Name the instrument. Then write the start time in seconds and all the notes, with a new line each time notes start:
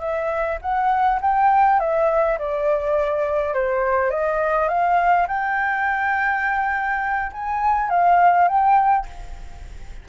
flute
0.00 E5
0.62 F#5
1.21 G5
1.80 E5
2.39 D5
3.54 C5
4.11 D#5
4.69 F5
5.28 G5
7.32 G#5
7.90 F5
8.48 G5